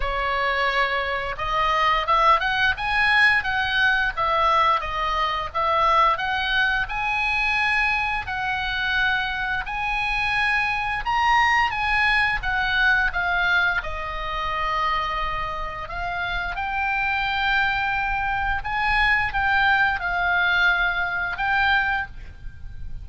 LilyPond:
\new Staff \with { instrumentName = "oboe" } { \time 4/4 \tempo 4 = 87 cis''2 dis''4 e''8 fis''8 | gis''4 fis''4 e''4 dis''4 | e''4 fis''4 gis''2 | fis''2 gis''2 |
ais''4 gis''4 fis''4 f''4 | dis''2. f''4 | g''2. gis''4 | g''4 f''2 g''4 | }